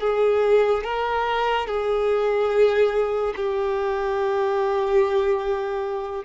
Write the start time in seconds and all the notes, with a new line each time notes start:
0.00 G#4
0.83 A#4
1.67 G#4
3.36 G4